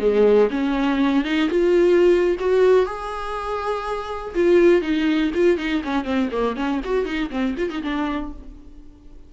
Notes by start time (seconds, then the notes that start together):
0.00 G#3
0.51 C#4
1.25 D#4
1.50 F4
2.40 F#4
2.86 G#4
4.35 F4
4.82 D#4
5.35 F4
5.58 D#4
5.84 C#4
6.05 C4
6.32 A#3
6.57 C#4
6.85 F#4
7.05 D#4
7.31 C4
7.58 F4
7.71 D#4
7.83 D4